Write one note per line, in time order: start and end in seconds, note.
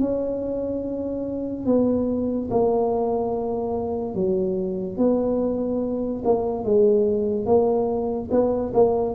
0.00 1.66 C#4
1.66 2.50 B3
2.51 4.15 A#3
4.15 4.98 F#3
4.98 6.23 B3
6.25 6.65 A#3
6.65 7.47 G#3
7.47 8.30 A#3
8.31 8.73 B3
8.74 9.15 A#3